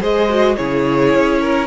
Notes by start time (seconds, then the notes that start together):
0.00 G#3 G#4 C5 D#5
0.30 F#4
0.57 C#3 E4 G#4 C#5
1.15 C#4
1.41 A#4